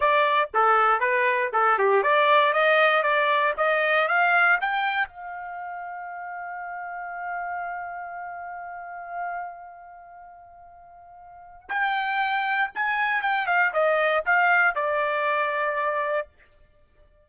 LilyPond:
\new Staff \with { instrumentName = "trumpet" } { \time 4/4 \tempo 4 = 118 d''4 a'4 b'4 a'8 g'8 | d''4 dis''4 d''4 dis''4 | f''4 g''4 f''2~ | f''1~ |
f''1~ | f''2. g''4~ | g''4 gis''4 g''8 f''8 dis''4 | f''4 d''2. | }